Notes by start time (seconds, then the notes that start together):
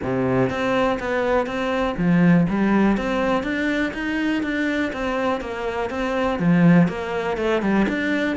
0.02 C3
0.49 C4
0.99 B3
1.46 C4
1.97 F3
2.49 G3
2.97 C4
3.43 D4
3.93 D#4
4.42 D4
4.92 C4
5.41 A#3
5.89 C4
6.39 F3
6.88 A#3
7.37 A3
7.62 G3
7.88 D4